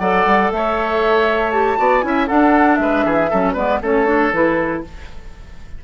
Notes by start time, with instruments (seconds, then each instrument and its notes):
0.00 bassoon F#3, clarinet A4, oboe D5, flute F#5
0.26 bassoon G3
0.52 bassoon A3, oboe C#5, flute E5
1.51 clarinet G4, flute A5
1.78 bassoon B3, clarinet F#4, oboe D5
2.01 bassoon C#4, clarinet E4, flute G#5
2.08 oboe E5
2.28 clarinet D4, bassoon D4, oboe A4, flute F#5
2.76 bassoon G#3, flute E5
2.82 oboe B4
3.05 bassoon E3, oboe G#4
3.30 bassoon F#3, clarinet C#4, oboe A4
3.54 bassoon G#3, clarinet B3, oboe B4, flute D5
3.82 bassoon A3, clarinet C#4, oboe A4, flute C#5
4.06 clarinet D4
4.33 bassoon E3, clarinet E4, flute B4